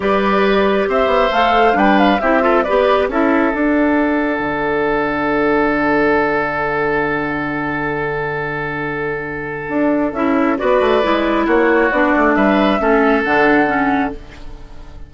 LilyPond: <<
  \new Staff \with { instrumentName = "flute" } { \time 4/4 \tempo 4 = 136 d''2 e''4 f''4 | g''8 f''8 e''4 d''4 e''4 | fis''1~ | fis''1~ |
fis''1~ | fis''2. e''4 | d''2 cis''4 d''4 | e''2 fis''2 | }
  \new Staff \with { instrumentName = "oboe" } { \time 4/4 b'2 c''2 | b'4 g'8 a'8 b'4 a'4~ | a'1~ | a'1~ |
a'1~ | a'1 | b'2 fis'2 | b'4 a'2. | }
  \new Staff \with { instrumentName = "clarinet" } { \time 4/4 g'2. a'4 | d'4 e'8 f'8 g'4 e'4 | d'1~ | d'1~ |
d'1~ | d'2. e'4 | fis'4 e'2 d'4~ | d'4 cis'4 d'4 cis'4 | }
  \new Staff \with { instrumentName = "bassoon" } { \time 4/4 g2 c'8 b8 a4 | g4 c'4 b4 cis'4 | d'2 d2~ | d1~ |
d1~ | d2 d'4 cis'4 | b8 a8 gis4 ais4 b8 a8 | g4 a4 d2 | }
>>